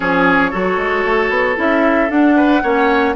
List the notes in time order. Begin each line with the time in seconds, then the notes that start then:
0.00 F3 C#4 G#4 C#5
0.51 F#3 F#4 A4
0.77 G#3
1.04 A3
1.29 B3
1.56 C#4 E4 E5
2.10 D4 F#5
2.36 B4
2.62 A#3 C#4 C#5